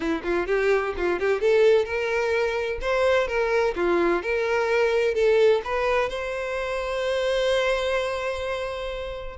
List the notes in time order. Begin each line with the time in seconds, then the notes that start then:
0.00 E4
0.23 F4
0.47 G4
0.96 F4
1.19 G4
1.40 A4
1.85 A#4
2.81 C5
3.27 A#4
3.75 F4
4.22 A#4
5.14 A4
5.64 B4
6.09 C5